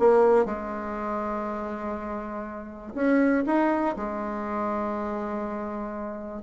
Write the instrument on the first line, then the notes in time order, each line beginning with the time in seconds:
bassoon
0.00 A#3
0.46 G#3
2.95 C#4
3.47 D#4
3.97 G#3